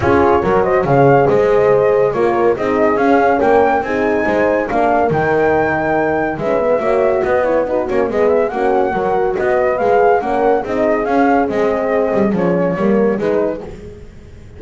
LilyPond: <<
  \new Staff \with { instrumentName = "flute" } { \time 4/4 \tempo 4 = 141 cis''4. dis''8 f''4 dis''4~ | dis''4 cis''4 dis''4 f''4 | g''4 gis''2 f''4 | g''2. e''4~ |
e''4 dis''8 cis''8 b'8 cis''8 dis''8 e''8 | fis''2 dis''4 f''4 | fis''4 dis''4 f''4 dis''4~ | dis''4 cis''2 b'4 | }
  \new Staff \with { instrumentName = "horn" } { \time 4/4 gis'4 ais'8 c''8 cis''4 c''4~ | c''4 ais'4 gis'2 | ais'4 gis'4 c''4 ais'4~ | ais'2. b'4 |
cis''4 b'4 fis'4 gis'4 | fis'4 ais'4 b'2 | ais'4 gis'2.~ | gis'2 ais'4 gis'4 | }
  \new Staff \with { instrumentName = "horn" } { \time 4/4 f'4 fis'4 gis'2~ | gis'4 f'4 dis'4 cis'4~ | cis'4 dis'2 d'4 | dis'2. cis'8 b8 |
fis'4. e'8 dis'8 cis'8 b4 | cis'4 fis'2 gis'4 | cis'4 dis'4 cis'4 c'4~ | c'4 cis'4 ais4 dis'4 | }
  \new Staff \with { instrumentName = "double bass" } { \time 4/4 cis'4 fis4 cis4 gis4~ | gis4 ais4 c'4 cis'4 | ais4 c'4 gis4 ais4 | dis2. gis4 |
ais4 b4. ais8 gis4 | ais4 fis4 b4 gis4 | ais4 c'4 cis'4 gis4~ | gis8 g8 f4 g4 gis4 | }
>>